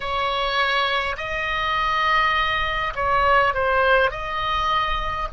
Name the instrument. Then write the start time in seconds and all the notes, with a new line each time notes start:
oboe
0.00 C#5
1.17 D#5
2.95 C#5
3.53 C5
4.11 D#5